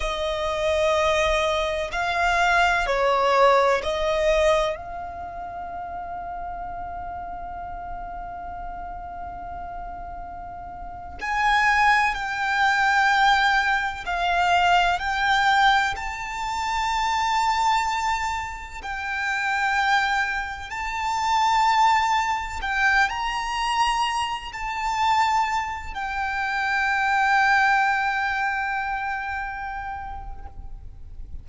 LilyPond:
\new Staff \with { instrumentName = "violin" } { \time 4/4 \tempo 4 = 63 dis''2 f''4 cis''4 | dis''4 f''2.~ | f''2.~ f''8. gis''16~ | gis''8. g''2 f''4 g''16~ |
g''8. a''2. g''16~ | g''4.~ g''16 a''2 g''16~ | g''16 ais''4. a''4. g''8.~ | g''1 | }